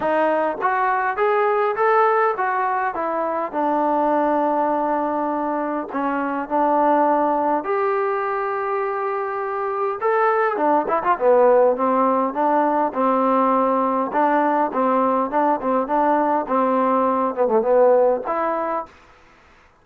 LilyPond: \new Staff \with { instrumentName = "trombone" } { \time 4/4 \tempo 4 = 102 dis'4 fis'4 gis'4 a'4 | fis'4 e'4 d'2~ | d'2 cis'4 d'4~ | d'4 g'2.~ |
g'4 a'4 d'8 e'16 f'16 b4 | c'4 d'4 c'2 | d'4 c'4 d'8 c'8 d'4 | c'4. b16 a16 b4 e'4 | }